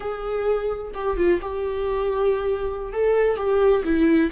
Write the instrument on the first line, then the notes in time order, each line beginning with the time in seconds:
viola
0.00 G#4
0.94 G4
1.16 F4
1.41 G4
2.92 A4
3.36 G4
3.84 E4